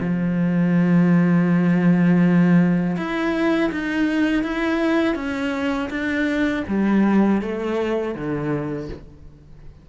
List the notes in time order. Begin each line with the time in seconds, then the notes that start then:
0.00 F3
2.97 E4
3.71 D#4
4.43 E4
5.15 C#4
5.90 D4
6.67 G3
7.41 A3
8.14 D3